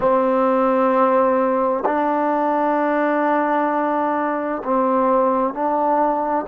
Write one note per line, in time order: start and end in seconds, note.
0.00 1.83 C4
1.85 4.62 D4
4.64 5.53 C4
5.53 6.45 D4